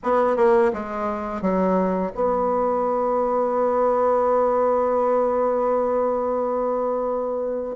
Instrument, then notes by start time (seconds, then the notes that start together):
bassoon
0.03 B3
0.36 A#3
0.73 G#3
1.41 F#3
2.15 B3